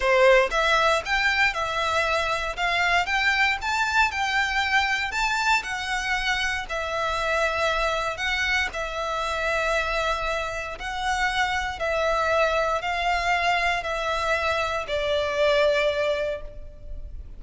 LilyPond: \new Staff \with { instrumentName = "violin" } { \time 4/4 \tempo 4 = 117 c''4 e''4 g''4 e''4~ | e''4 f''4 g''4 a''4 | g''2 a''4 fis''4~ | fis''4 e''2. |
fis''4 e''2.~ | e''4 fis''2 e''4~ | e''4 f''2 e''4~ | e''4 d''2. | }